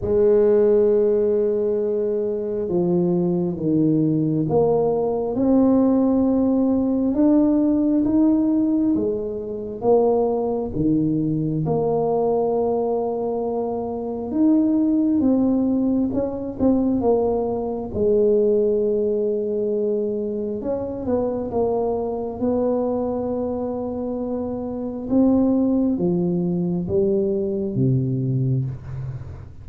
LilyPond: \new Staff \with { instrumentName = "tuba" } { \time 4/4 \tempo 4 = 67 gis2. f4 | dis4 ais4 c'2 | d'4 dis'4 gis4 ais4 | dis4 ais2. |
dis'4 c'4 cis'8 c'8 ais4 | gis2. cis'8 b8 | ais4 b2. | c'4 f4 g4 c4 | }